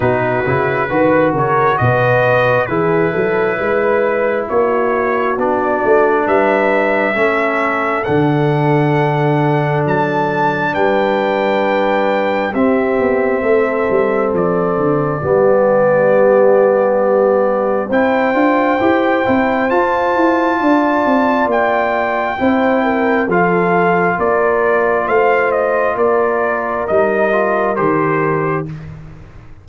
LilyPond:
<<
  \new Staff \with { instrumentName = "trumpet" } { \time 4/4 \tempo 4 = 67 b'4. cis''8 dis''4 b'4~ | b'4 cis''4 d''4 e''4~ | e''4 fis''2 a''4 | g''2 e''2 |
d''1 | g''2 a''2 | g''2 f''4 d''4 | f''8 dis''8 d''4 dis''4 c''4 | }
  \new Staff \with { instrumentName = "horn" } { \time 4/4 fis'4 b'8 ais'8 b'4 gis'8 a'8 | b'4 fis'2 b'4 | a'1 | b'2 g'4 a'4~ |
a'4 g'2. | c''2. d''4~ | d''4 c''8 ais'8 a'4 ais'4 | c''4 ais'2. | }
  \new Staff \with { instrumentName = "trombone" } { \time 4/4 dis'8 e'8 fis'2 e'4~ | e'2 d'2 | cis'4 d'2.~ | d'2 c'2~ |
c'4 b2. | e'8 f'8 g'8 e'8 f'2~ | f'4 e'4 f'2~ | f'2 dis'8 f'8 g'4 | }
  \new Staff \with { instrumentName = "tuba" } { \time 4/4 b,8 cis8 dis8 cis8 b,4 e8 fis8 | gis4 ais4 b8 a8 g4 | a4 d2 fis4 | g2 c'8 b8 a8 g8 |
f8 d8 g2. | c'8 d'8 e'8 c'8 f'8 e'8 d'8 c'8 | ais4 c'4 f4 ais4 | a4 ais4 g4 dis4 | }
>>